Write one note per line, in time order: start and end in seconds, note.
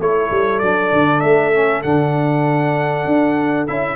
0.00 0.31 A3
0.00 0.63 E4
0.00 3.96 A4
0.00 0.59 C#5
0.31 0.62 G3
0.59 0.92 F#3
0.59 1.54 D4
0.59 1.20 D5
0.93 1.23 D3
1.20 1.85 A3
1.20 1.82 E5
1.54 1.84 C#4
1.83 3.06 D3
1.83 3.68 D4
1.83 3.67 F#5
3.06 3.67 D4
3.68 3.96 C#4
3.68 3.96 E4
3.68 3.96 E5